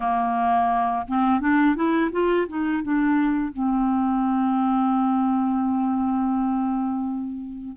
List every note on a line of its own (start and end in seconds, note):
0.00 1.06 A#3
1.07 1.40 C4
1.40 1.75 D4
1.75 2.10 E4
2.11 2.47 F4
2.48 2.82 D#4
2.82 3.52 D4
3.52 7.76 C4